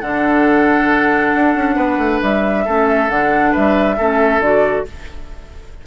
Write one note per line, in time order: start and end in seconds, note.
0.00 1.34 D3
0.00 2.65 D4
0.00 1.75 A4
0.00 2.21 F#5
1.34 1.55 D4
1.55 1.76 C#4
1.75 1.97 B3
1.75 2.64 B4
1.97 2.19 A3
2.22 2.66 G3
2.22 3.09 E5
2.65 3.09 A3
2.65 3.08 C#4
2.65 3.51 A4
3.08 3.53 D3
3.08 3.97 D4
3.08 3.53 F#5
3.51 3.98 G3
3.51 3.95 B4
3.51 4.42 E5
3.97 4.39 A3
3.97 4.41 C#4
3.97 4.85 A4
4.39 4.83 D3
4.39 4.85 F#4
4.39 4.86 D5